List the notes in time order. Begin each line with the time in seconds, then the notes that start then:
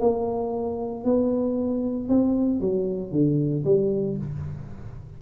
0.00 A#3
1.04 B3
2.09 C4
2.60 F#3
3.11 D3
3.64 G3